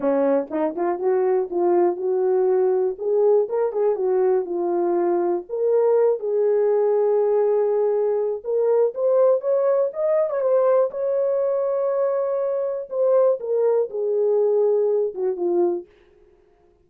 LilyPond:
\new Staff \with { instrumentName = "horn" } { \time 4/4 \tempo 4 = 121 cis'4 dis'8 f'8 fis'4 f'4 | fis'2 gis'4 ais'8 gis'8 | fis'4 f'2 ais'4~ | ais'8 gis'2.~ gis'8~ |
gis'4 ais'4 c''4 cis''4 | dis''8. cis''16 c''4 cis''2~ | cis''2 c''4 ais'4 | gis'2~ gis'8 fis'8 f'4 | }